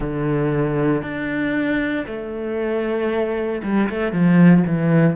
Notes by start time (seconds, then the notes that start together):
0.00 D3
1.02 D4
2.06 A3
3.63 G3
3.89 A3
4.12 F3
4.66 E3